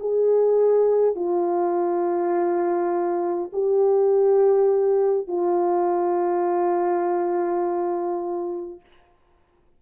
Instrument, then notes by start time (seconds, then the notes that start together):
horn
0.00 G#4
1.16 F4
3.53 G4
5.27 F4